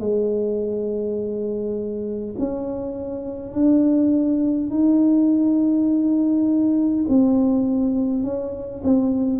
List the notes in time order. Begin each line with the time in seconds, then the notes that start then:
0.00 G#3
2.39 C#4
3.52 D4
4.70 D#4
7.09 C4
8.24 C#4
8.83 C4